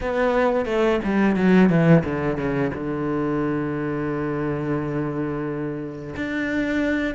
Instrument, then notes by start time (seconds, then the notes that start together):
cello
0.00 B3
0.65 A3
1.04 G3
1.35 F#3
1.69 E3
2.04 D3
2.37 C#3
2.74 D3
6.16 D4